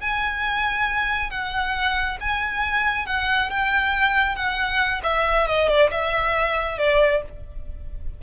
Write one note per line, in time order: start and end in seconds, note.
0.00 1.30 G#5
1.30 2.18 F#5
2.20 3.06 G#5
3.06 3.50 F#5
3.50 4.35 G5
4.35 5.01 F#5
5.03 5.47 E5
5.47 5.68 D#5
5.68 5.90 D5
5.90 6.78 E5
6.78 7.22 D5